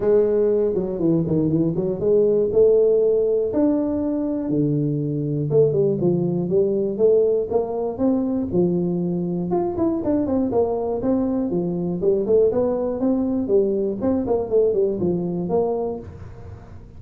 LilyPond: \new Staff \with { instrumentName = "tuba" } { \time 4/4 \tempo 4 = 120 gis4. fis8 e8 dis8 e8 fis8 | gis4 a2 d'4~ | d'4 d2 a8 g8 | f4 g4 a4 ais4 |
c'4 f2 f'8 e'8 | d'8 c'8 ais4 c'4 f4 | g8 a8 b4 c'4 g4 | c'8 ais8 a8 g8 f4 ais4 | }